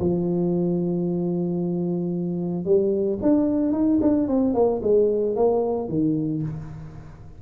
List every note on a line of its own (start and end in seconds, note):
0.00 2.65 F3
2.65 3.19 G3
3.22 3.73 D4
3.73 3.99 D#4
4.02 4.28 D4
4.28 4.54 C4
4.54 4.81 A#3
4.83 5.36 G#3
5.36 5.89 A#3
5.89 6.42 D#3